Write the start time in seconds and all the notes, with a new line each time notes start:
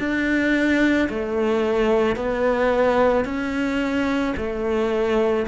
0.00 D4
1.10 A3
2.17 B3
3.25 C#4
4.37 A3